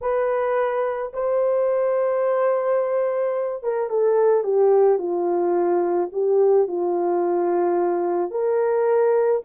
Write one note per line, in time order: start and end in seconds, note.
0.01 1.12 B4
1.13 3.63 C5
3.63 3.89 A#4
3.89 4.43 A4
4.43 4.98 G4
4.98 6.09 F4
6.12 6.67 G4
6.67 8.31 F4
8.31 9.42 A#4